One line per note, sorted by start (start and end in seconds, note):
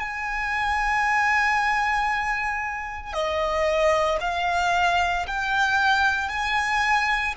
0.00 3.13 G#5
3.13 4.19 D#5
4.21 5.26 F5
5.27 6.29 G5
6.29 7.34 G#5